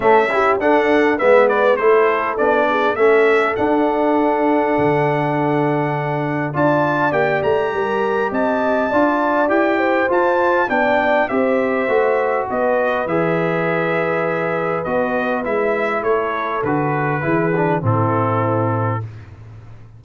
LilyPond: <<
  \new Staff \with { instrumentName = "trumpet" } { \time 4/4 \tempo 4 = 101 e''4 fis''4 e''8 d''8 c''4 | d''4 e''4 fis''2~ | fis''2. a''4 | g''8 ais''4. a''2 |
g''4 a''4 g''4 e''4~ | e''4 dis''4 e''2~ | e''4 dis''4 e''4 cis''4 | b'2 a'2 | }
  \new Staff \with { instrumentName = "horn" } { \time 4/4 a'8 g'8 a'4 b'4 a'4~ | a'8 gis'8 a'2.~ | a'2. d''4~ | d''4 ais'4 dis''4 d''4~ |
d''8 c''4. d''4 c''4~ | c''4 b'2.~ | b'2. a'4~ | a'4 gis'4 e'2 | }
  \new Staff \with { instrumentName = "trombone" } { \time 4/4 a8 e'8 d'4 b4 e'4 | d'4 cis'4 d'2~ | d'2. f'4 | g'2. f'4 |
g'4 f'4 d'4 g'4 | fis'2 gis'2~ | gis'4 fis'4 e'2 | fis'4 e'8 d'8 c'2 | }
  \new Staff \with { instrumentName = "tuba" } { \time 4/4 cis'4 d'4 gis4 a4 | b4 a4 d'2 | d2. d'4 | ais8 a8 g4 c'4 d'4 |
e'4 f'4 b4 c'4 | a4 b4 e2~ | e4 b4 gis4 a4 | d4 e4 a,2 | }
>>